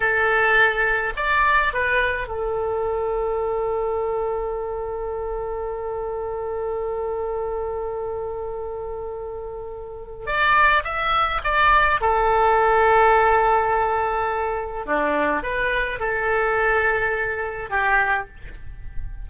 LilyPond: \new Staff \with { instrumentName = "oboe" } { \time 4/4 \tempo 4 = 105 a'2 d''4 b'4 | a'1~ | a'1~ | a'1~ |
a'2 d''4 e''4 | d''4 a'2.~ | a'2 d'4 b'4 | a'2. g'4 | }